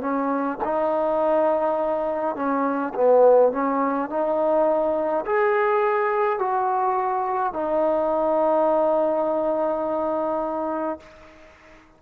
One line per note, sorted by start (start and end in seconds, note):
0.00 0.58 C#4
0.64 2.35 D#4
2.35 2.93 C#4
2.94 3.51 B3
3.51 4.09 C#4
4.09 5.24 D#4
5.26 6.38 G#4
6.38 7.53 F#4
7.53 10.99 D#4